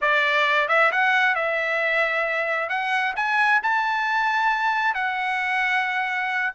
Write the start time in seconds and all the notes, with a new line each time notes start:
0.01 D5
0.68 E5
0.91 F#5
1.35 E5
2.69 F#5
3.15 G#5
3.62 A5
4.94 F#5